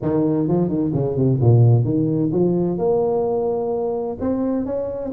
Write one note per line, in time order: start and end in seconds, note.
0.01 0.48 D#3
0.48 0.68 F3
0.68 0.91 D#3
0.93 1.16 C#3
1.16 1.39 C3
1.40 1.84 A#2
1.84 2.30 D#3
2.32 2.78 F3
2.78 4.17 A#3
4.20 4.65 C4
4.65 5.12 C#4